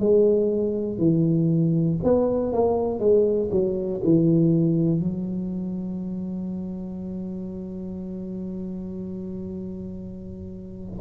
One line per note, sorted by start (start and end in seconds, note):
0.00 0.99 G#3
0.99 1.99 E3
2.04 2.53 B3
2.53 3.00 A#3
3.00 3.50 G#3
3.52 4.02 F#3
4.04 5.00 E3
5.00 11.00 F#3